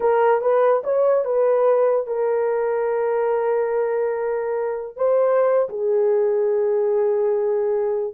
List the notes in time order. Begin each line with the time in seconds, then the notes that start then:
0.00 A#4
0.41 B4
0.83 C#5
1.24 B4
2.06 A#4
4.96 C5
5.69 G#4